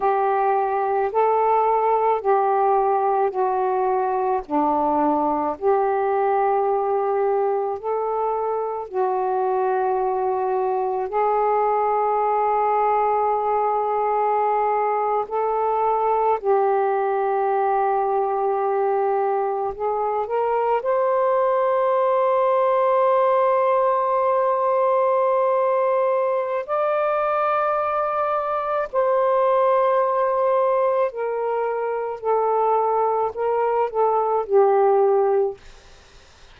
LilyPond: \new Staff \with { instrumentName = "saxophone" } { \time 4/4 \tempo 4 = 54 g'4 a'4 g'4 fis'4 | d'4 g'2 a'4 | fis'2 gis'2~ | gis'4.~ gis'16 a'4 g'4~ g'16~ |
g'4.~ g'16 gis'8 ais'8 c''4~ c''16~ | c''1 | d''2 c''2 | ais'4 a'4 ais'8 a'8 g'4 | }